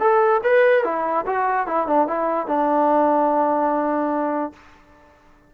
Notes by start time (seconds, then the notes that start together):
0.00 A4
0.44 B4
0.84 E4
1.26 F#4
1.67 E4
1.87 D4
2.07 E4
2.47 D4